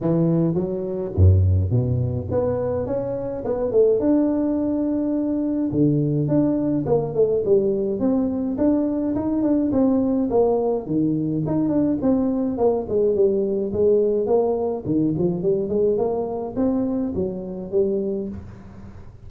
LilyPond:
\new Staff \with { instrumentName = "tuba" } { \time 4/4 \tempo 4 = 105 e4 fis4 fis,4 b,4 | b4 cis'4 b8 a8 d'4~ | d'2 d4 d'4 | ais8 a8 g4 c'4 d'4 |
dis'8 d'8 c'4 ais4 dis4 | dis'8 d'8 c'4 ais8 gis8 g4 | gis4 ais4 dis8 f8 g8 gis8 | ais4 c'4 fis4 g4 | }